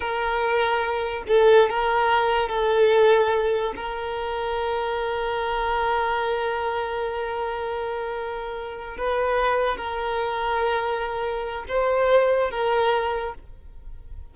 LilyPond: \new Staff \with { instrumentName = "violin" } { \time 4/4 \tempo 4 = 144 ais'2. a'4 | ais'2 a'2~ | a'4 ais'2.~ | ais'1~ |
ais'1~ | ais'4. b'2 ais'8~ | ais'1 | c''2 ais'2 | }